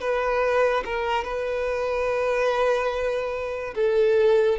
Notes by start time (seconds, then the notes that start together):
0.00 B4
0.85 A#4
1.24 B4
3.75 A4